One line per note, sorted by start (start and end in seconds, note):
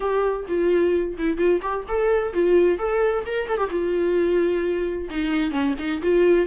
0.00 0.46 G4
0.48 1.17 F4
1.17 1.37 E4
1.37 1.60 F4
1.62 1.85 G4
1.87 2.33 A4
2.33 2.78 F4
2.78 3.24 A4
3.26 3.48 A#4
3.48 3.57 A4
3.57 3.69 G4
3.70 5.09 F4
5.10 5.51 D#4
5.51 5.74 C#4
5.78 6.01 D#4
6.02 6.46 F4